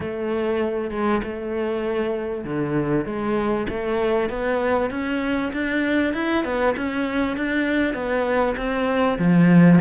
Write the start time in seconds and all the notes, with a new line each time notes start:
0.00 A3
0.90 G#3
1.23 A3
2.44 D3
3.05 G#3
3.69 A3
4.29 B3
4.90 C#4
5.52 D4
6.13 E4
6.44 B3
6.76 C#4
7.36 D4
7.94 B3
8.56 C4
9.18 F3